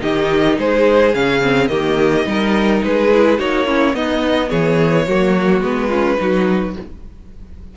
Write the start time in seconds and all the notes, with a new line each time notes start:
0.00 D#3 D#4 G4 D#5
0.58 G#3 G#4 C5
1.14 C#3 C#4 F5
1.42 C4
1.68 D#3 A#3 G4 D#5
2.26 G3 D#4 A#4
2.84 G#3 G#4 B4
3.12 E4
3.39 A#3 D#4 F#4 C#5
3.66 C#4 E4
3.94 B3 D#4 D#5
4.50 E3 G#4 C#5
5.06 F#3 A#3 F#4
5.61 G#3 B3 B4
5.88 C#4 F4
6.18 F#3 D#4 F#4